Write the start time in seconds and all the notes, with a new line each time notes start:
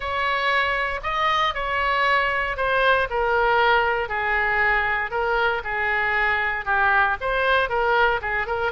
0.00 C#5
1.03 D#5
1.54 C#5
2.56 C5
3.10 A#4
4.08 G#4
5.10 A#4
5.64 G#4
6.65 G4
7.21 C5
7.69 A#4
8.21 G#4
8.46 A#4